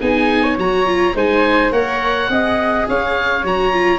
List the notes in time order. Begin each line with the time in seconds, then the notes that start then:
0.00 B3 D#4 G#4 G#5
0.43 C#5
0.57 F#3 F#4 A#5
0.86 F4
1.14 G#3 D#4 C5 G#5
1.71 A#3 A#4 C#5 F#5
2.29 C4 G#4 D#5
2.88 C#4 C#5 F5
3.43 F#3 F#4 A#5
3.73 F4